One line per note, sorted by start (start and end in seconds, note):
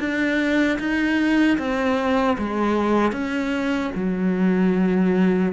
0.00 0.79 D4
0.79 1.58 D#4
1.58 2.37 C4
2.38 3.12 G#3
3.12 3.91 C#4
3.95 5.53 F#3